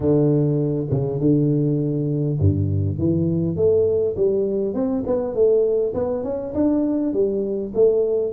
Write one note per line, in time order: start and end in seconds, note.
0.00 0.86 D3
0.90 1.20 C#3
1.20 2.38 D3
2.39 2.98 G2
2.98 3.55 E3
3.55 4.15 A3
4.16 4.74 G3
4.74 5.03 C4
5.06 5.34 B3
5.34 5.93 A3
5.94 6.23 B3
6.23 6.53 C#4
6.54 7.13 D4
7.13 7.72 G3
7.74 8.32 A3